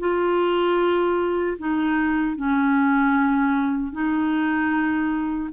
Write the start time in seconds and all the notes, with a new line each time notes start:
0.00 F4
1.59 D#4
2.37 C#4
3.93 D#4